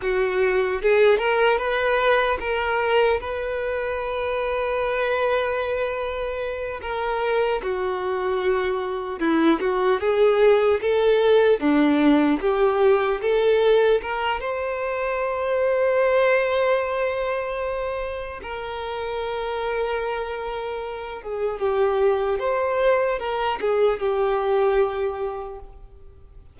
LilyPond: \new Staff \with { instrumentName = "violin" } { \time 4/4 \tempo 4 = 75 fis'4 gis'8 ais'8 b'4 ais'4 | b'1~ | b'8 ais'4 fis'2 e'8 | fis'8 gis'4 a'4 d'4 g'8~ |
g'8 a'4 ais'8 c''2~ | c''2. ais'4~ | ais'2~ ais'8 gis'8 g'4 | c''4 ais'8 gis'8 g'2 | }